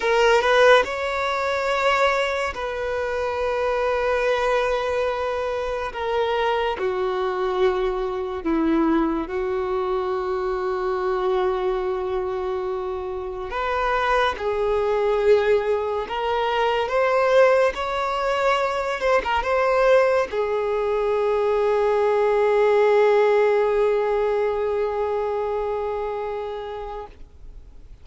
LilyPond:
\new Staff \with { instrumentName = "violin" } { \time 4/4 \tempo 4 = 71 ais'8 b'8 cis''2 b'4~ | b'2. ais'4 | fis'2 e'4 fis'4~ | fis'1 |
b'4 gis'2 ais'4 | c''4 cis''4. c''16 ais'16 c''4 | gis'1~ | gis'1 | }